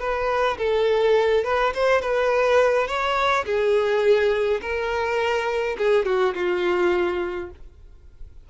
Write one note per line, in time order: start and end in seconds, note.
0.00 0.58 B4
0.58 1.45 A4
1.45 1.74 B4
1.75 2.02 C5
2.02 2.88 B4
2.88 3.46 C#5
3.46 4.61 G#4
4.62 5.77 A#4
5.78 6.06 G#4
6.06 6.35 F#4
6.35 7.51 F4